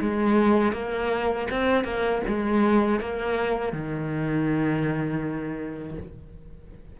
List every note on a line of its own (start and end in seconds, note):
0.00 0.72 G#3
0.72 1.47 A#3
1.50 1.84 C4
1.84 2.21 A#3
2.27 3.00 G#3
3.00 3.72 A#3
3.72 5.97 D#3